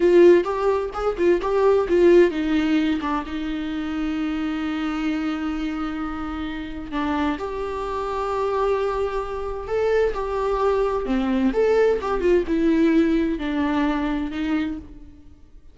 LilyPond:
\new Staff \with { instrumentName = "viola" } { \time 4/4 \tempo 4 = 130 f'4 g'4 gis'8 f'8 g'4 | f'4 dis'4. d'8 dis'4~ | dis'1~ | dis'2. d'4 |
g'1~ | g'4 a'4 g'2 | c'4 a'4 g'8 f'8 e'4~ | e'4 d'2 dis'4 | }